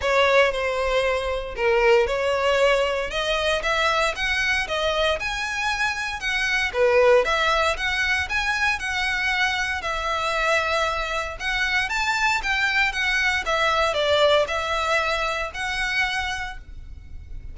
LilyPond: \new Staff \with { instrumentName = "violin" } { \time 4/4 \tempo 4 = 116 cis''4 c''2 ais'4 | cis''2 dis''4 e''4 | fis''4 dis''4 gis''2 | fis''4 b'4 e''4 fis''4 |
gis''4 fis''2 e''4~ | e''2 fis''4 a''4 | g''4 fis''4 e''4 d''4 | e''2 fis''2 | }